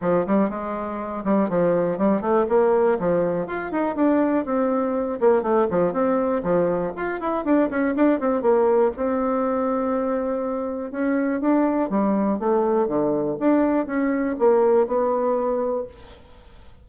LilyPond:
\new Staff \with { instrumentName = "bassoon" } { \time 4/4 \tempo 4 = 121 f8 g8 gis4. g8 f4 | g8 a8 ais4 f4 f'8 dis'8 | d'4 c'4. ais8 a8 f8 | c'4 f4 f'8 e'8 d'8 cis'8 |
d'8 c'8 ais4 c'2~ | c'2 cis'4 d'4 | g4 a4 d4 d'4 | cis'4 ais4 b2 | }